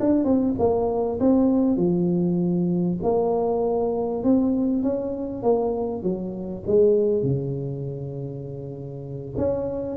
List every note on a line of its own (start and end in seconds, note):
0.00 0.24 D4
0.24 0.55 C4
0.59 1.19 A#3
1.20 1.77 C4
1.77 2.98 F3
3.03 4.23 A#3
4.23 4.83 C4
4.83 5.43 C#4
5.43 6.02 A#3
6.02 6.63 F#3
6.67 7.23 G#3
7.23 9.35 C#3
9.37 9.96 C#4